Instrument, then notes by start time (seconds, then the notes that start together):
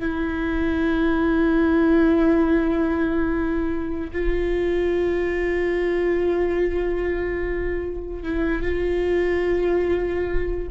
viola
0.00 E4
4.12 F4
8.23 E4
8.62 F4